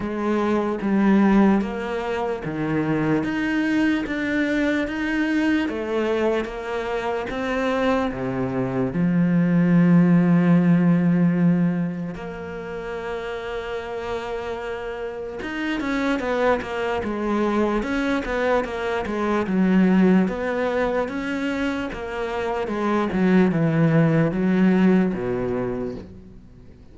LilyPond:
\new Staff \with { instrumentName = "cello" } { \time 4/4 \tempo 4 = 74 gis4 g4 ais4 dis4 | dis'4 d'4 dis'4 a4 | ais4 c'4 c4 f4~ | f2. ais4~ |
ais2. dis'8 cis'8 | b8 ais8 gis4 cis'8 b8 ais8 gis8 | fis4 b4 cis'4 ais4 | gis8 fis8 e4 fis4 b,4 | }